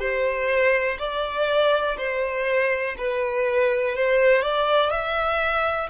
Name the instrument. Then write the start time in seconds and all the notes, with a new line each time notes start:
violin
0.00 C5
0.99 D5
1.98 C5
2.98 B4
3.96 C5
4.43 D5
4.91 E5